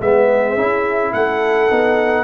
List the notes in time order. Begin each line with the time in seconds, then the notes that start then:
0.00 G#3 B3 G#4 E5
0.56 C#4 E4
1.13 A3 A4 F#5
1.69 B3 D#4